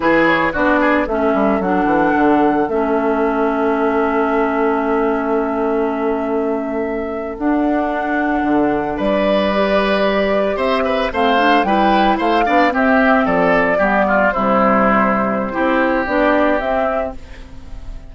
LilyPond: <<
  \new Staff \with { instrumentName = "flute" } { \time 4/4 \tempo 4 = 112 b'8 cis''8 d''4 e''4 fis''4~ | fis''4 e''2.~ | e''1~ | e''4.~ e''16 fis''2~ fis''16~ |
fis''8. d''2. e''16~ | e''8. f''4 g''4 f''4 e''16~ | e''8. d''2 c''4~ c''16~ | c''2 d''4 e''4 | }
  \new Staff \with { instrumentName = "oboe" } { \time 4/4 gis'4 fis'8 gis'8 a'2~ | a'1~ | a'1~ | a'1~ |
a'8. b'2. c''16~ | c''16 b'8 c''4 b'4 c''8 d''8 g'16~ | g'8. a'4 g'8 f'8 e'4~ e'16~ | e'4 g'2. | }
  \new Staff \with { instrumentName = "clarinet" } { \time 4/4 e'4 d'4 cis'4 d'4~ | d'4 cis'2.~ | cis'1~ | cis'4.~ cis'16 d'2~ d'16~ |
d'4.~ d'16 g'2~ g'16~ | g'8. c'8 d'8 e'4. d'8 c'16~ | c'4.~ c'16 b4 g4~ g16~ | g4 e'4 d'4 c'4 | }
  \new Staff \with { instrumentName = "bassoon" } { \time 4/4 e4 b4 a8 g8 fis8 e8 | d4 a2.~ | a1~ | a4.~ a16 d'2 d16~ |
d8. g2. c'16~ | c'8. a4 g4 a8 b8 c'16~ | c'8. f4 g4 c4~ c16~ | c4 c'4 b4 c'4 | }
>>